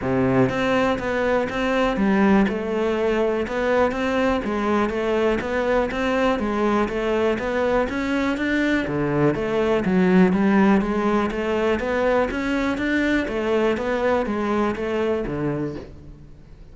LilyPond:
\new Staff \with { instrumentName = "cello" } { \time 4/4 \tempo 4 = 122 c4 c'4 b4 c'4 | g4 a2 b4 | c'4 gis4 a4 b4 | c'4 gis4 a4 b4 |
cis'4 d'4 d4 a4 | fis4 g4 gis4 a4 | b4 cis'4 d'4 a4 | b4 gis4 a4 d4 | }